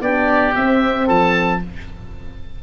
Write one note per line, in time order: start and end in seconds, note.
0.00 0.54 B3
0.00 0.55 D4
0.00 1.07 G4
0.00 0.55 D5
0.55 1.62 C4
0.55 1.09 C4
0.55 1.09 E5
1.07 1.63 F3
1.07 1.60 A4
1.07 1.62 A5